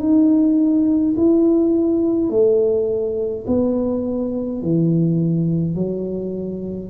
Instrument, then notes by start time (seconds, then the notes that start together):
tuba
0.00 D#4
1.17 E4
2.30 A3
3.47 B3
4.63 E3
5.75 F#3